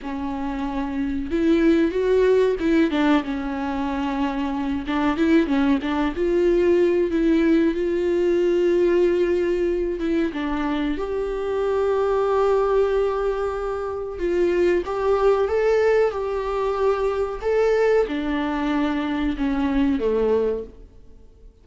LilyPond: \new Staff \with { instrumentName = "viola" } { \time 4/4 \tempo 4 = 93 cis'2 e'4 fis'4 | e'8 d'8 cis'2~ cis'8 d'8 | e'8 cis'8 d'8 f'4. e'4 | f'2.~ f'8 e'8 |
d'4 g'2.~ | g'2 f'4 g'4 | a'4 g'2 a'4 | d'2 cis'4 a4 | }